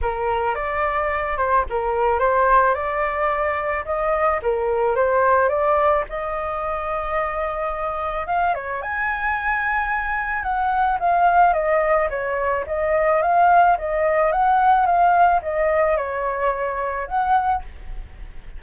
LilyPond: \new Staff \with { instrumentName = "flute" } { \time 4/4 \tempo 4 = 109 ais'4 d''4. c''8 ais'4 | c''4 d''2 dis''4 | ais'4 c''4 d''4 dis''4~ | dis''2. f''8 cis''8 |
gis''2. fis''4 | f''4 dis''4 cis''4 dis''4 | f''4 dis''4 fis''4 f''4 | dis''4 cis''2 fis''4 | }